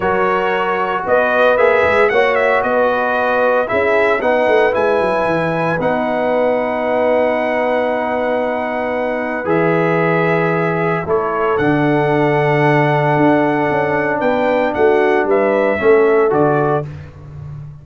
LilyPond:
<<
  \new Staff \with { instrumentName = "trumpet" } { \time 4/4 \tempo 4 = 114 cis''2 dis''4 e''4 | fis''8 e''8 dis''2 e''4 | fis''4 gis''2 fis''4~ | fis''1~ |
fis''2 e''2~ | e''4 cis''4 fis''2~ | fis''2. g''4 | fis''4 e''2 d''4 | }
  \new Staff \with { instrumentName = "horn" } { \time 4/4 ais'2 b'2 | cis''4 b'2 gis'4 | b'1~ | b'1~ |
b'1~ | b'4 a'2.~ | a'2. b'4 | fis'4 b'4 a'2 | }
  \new Staff \with { instrumentName = "trombone" } { \time 4/4 fis'2. gis'4 | fis'2. e'4 | dis'4 e'2 dis'4~ | dis'1~ |
dis'2 gis'2~ | gis'4 e'4 d'2~ | d'1~ | d'2 cis'4 fis'4 | }
  \new Staff \with { instrumentName = "tuba" } { \time 4/4 fis2 b4 ais8 gis8 | ais4 b2 cis'4 | b8 a8 gis8 fis8 e4 b4~ | b1~ |
b2 e2~ | e4 a4 d2~ | d4 d'4 cis'4 b4 | a4 g4 a4 d4 | }
>>